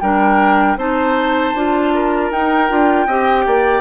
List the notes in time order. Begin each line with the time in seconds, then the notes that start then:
0.00 G3 D4 A#4 G5
0.76 C4 D#4 C5 A5
1.54 D4 F4
1.94 A#4
2.31 D#4 G5
2.69 D4 F4
3.07 C4 G4 D#5
3.46 A#3 D5